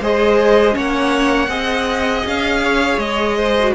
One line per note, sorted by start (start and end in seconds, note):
0.00 0.75 G#3
0.00 0.71 G#4
0.00 0.74 C5
0.00 0.76 D#5
0.71 1.48 A#3
0.71 1.46 C#4
0.71 1.49 C#5
0.71 2.26 F#5
1.48 2.23 C4
1.48 3.55 G#4
1.48 2.62 D#5
2.25 2.97 C#4
2.25 2.99 F5
2.63 3.36 C#5
2.97 3.72 G#3
2.97 3.74 D#5
3.36 3.74 C5
3.58 3.75 F#4